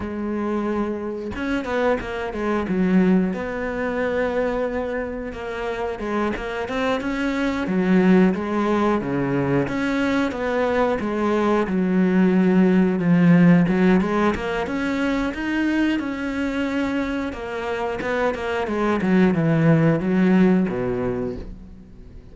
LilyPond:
\new Staff \with { instrumentName = "cello" } { \time 4/4 \tempo 4 = 90 gis2 cis'8 b8 ais8 gis8 | fis4 b2. | ais4 gis8 ais8 c'8 cis'4 fis8~ | fis8 gis4 cis4 cis'4 b8~ |
b8 gis4 fis2 f8~ | f8 fis8 gis8 ais8 cis'4 dis'4 | cis'2 ais4 b8 ais8 | gis8 fis8 e4 fis4 b,4 | }